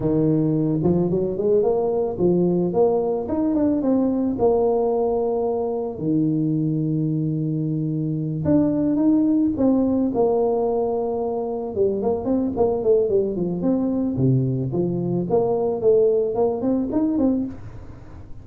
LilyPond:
\new Staff \with { instrumentName = "tuba" } { \time 4/4 \tempo 4 = 110 dis4. f8 fis8 gis8 ais4 | f4 ais4 dis'8 d'8 c'4 | ais2. dis4~ | dis2.~ dis8 d'8~ |
d'8 dis'4 c'4 ais4.~ | ais4. g8 ais8 c'8 ais8 a8 | g8 f8 c'4 c4 f4 | ais4 a4 ais8 c'8 dis'8 c'8 | }